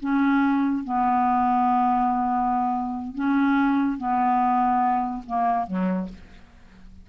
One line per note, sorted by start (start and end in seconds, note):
0.00 0.84 C#4
0.84 3.15 B3
3.15 3.97 C#4
3.97 5.23 B3
5.26 5.67 A#3
5.67 6.09 F#3